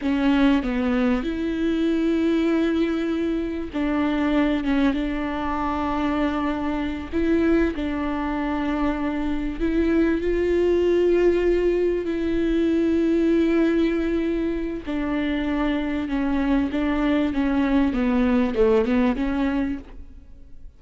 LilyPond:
\new Staff \with { instrumentName = "viola" } { \time 4/4 \tempo 4 = 97 cis'4 b4 e'2~ | e'2 d'4. cis'8 | d'2.~ d'8 e'8~ | e'8 d'2. e'8~ |
e'8 f'2. e'8~ | e'1 | d'2 cis'4 d'4 | cis'4 b4 a8 b8 cis'4 | }